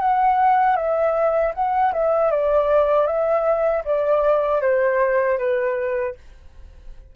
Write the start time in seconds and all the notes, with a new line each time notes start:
0.00 F#5
0.76 E5
1.54 F#5
1.93 E5
2.31 D5
3.06 E5
3.84 D5
4.61 C5
5.38 B4